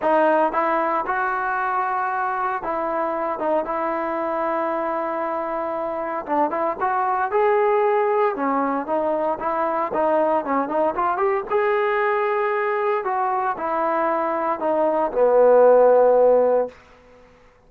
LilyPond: \new Staff \with { instrumentName = "trombone" } { \time 4/4 \tempo 4 = 115 dis'4 e'4 fis'2~ | fis'4 e'4. dis'8 e'4~ | e'1 | d'8 e'8 fis'4 gis'2 |
cis'4 dis'4 e'4 dis'4 | cis'8 dis'8 f'8 g'8 gis'2~ | gis'4 fis'4 e'2 | dis'4 b2. | }